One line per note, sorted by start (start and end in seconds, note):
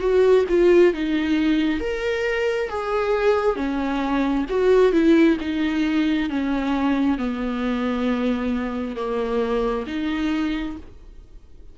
0.00 0.45 F#4
0.48 0.93 F4
0.93 1.80 D#4
1.80 2.69 A#4
2.69 3.56 G#4
3.56 4.45 C#4
4.49 4.92 F#4
4.92 5.37 E4
5.40 6.29 D#4
6.29 7.18 C#4
7.18 8.96 B3
8.96 9.85 A#3
9.87 10.76 D#4